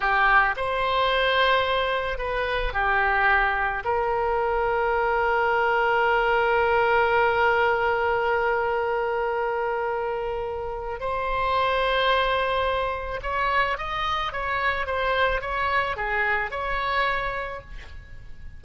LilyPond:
\new Staff \with { instrumentName = "oboe" } { \time 4/4 \tempo 4 = 109 g'4 c''2. | b'4 g'2 ais'4~ | ais'1~ | ais'1~ |
ais'1 | c''1 | cis''4 dis''4 cis''4 c''4 | cis''4 gis'4 cis''2 | }